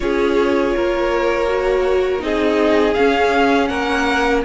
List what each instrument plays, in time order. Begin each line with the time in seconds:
0.00 cello C#4, viola F4, violin G#4 C#5
0.76 cello A#3, violin A#4
1.47 viola F#4
2.19 cello C4, viola D#4, violin G#4 D#5
2.94 viola C#4, cello C#4, violin F5
3.67 cello A#3, violin A#4 F#5